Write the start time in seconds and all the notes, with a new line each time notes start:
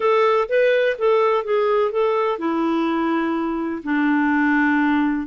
0.00 A4
0.48 B4
0.98 A4
1.44 G#4
1.91 A4
2.38 E4
3.83 D4